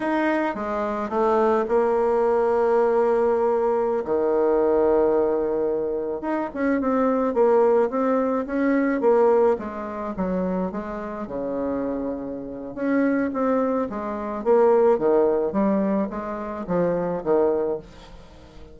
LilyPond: \new Staff \with { instrumentName = "bassoon" } { \time 4/4 \tempo 4 = 108 dis'4 gis4 a4 ais4~ | ais2.~ ais16 dis8.~ | dis2.~ dis16 dis'8 cis'16~ | cis'16 c'4 ais4 c'4 cis'8.~ |
cis'16 ais4 gis4 fis4 gis8.~ | gis16 cis2~ cis8. cis'4 | c'4 gis4 ais4 dis4 | g4 gis4 f4 dis4 | }